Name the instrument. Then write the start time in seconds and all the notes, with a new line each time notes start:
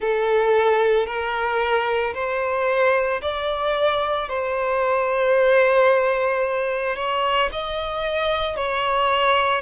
violin
0.00 A4
1.06 A#4
2.14 C5
3.21 D5
4.29 C5
6.96 C#5
7.52 D#5
8.56 C#5